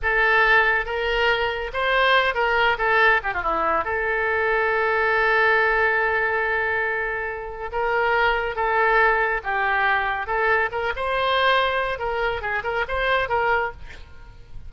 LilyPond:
\new Staff \with { instrumentName = "oboe" } { \time 4/4 \tempo 4 = 140 a'2 ais'2 | c''4. ais'4 a'4 g'16 f'16 | e'4 a'2.~ | a'1~ |
a'2 ais'2 | a'2 g'2 | a'4 ais'8 c''2~ c''8 | ais'4 gis'8 ais'8 c''4 ais'4 | }